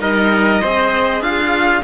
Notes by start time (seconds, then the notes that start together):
0.00 G3 D#4 A#4 D#5
0.62 C4 G#4 C5
1.21 D4 F4 F5